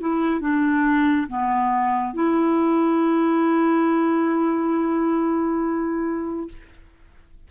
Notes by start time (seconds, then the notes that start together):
0.00 E4
0.40 D4
1.28 B3
2.13 E4